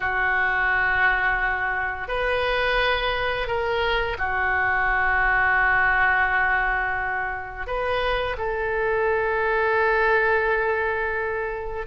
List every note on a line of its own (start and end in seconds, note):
0.00 2.07 F#4
2.07 3.47 B4
3.47 4.17 A#4
4.18 7.66 F#4
7.66 8.36 B4
8.37 11.86 A4